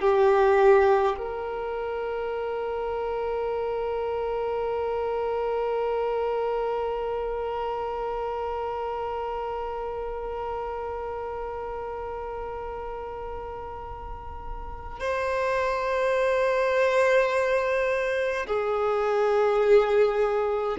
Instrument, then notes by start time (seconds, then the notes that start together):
violin
0.00 G4
1.17 A#4
15.00 C5
18.47 G#4